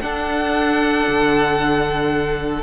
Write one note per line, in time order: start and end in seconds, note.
0.00 1.06 D4
0.00 2.63 D4
0.00 2.63 A4
0.00 2.63 F#5
1.07 2.63 D3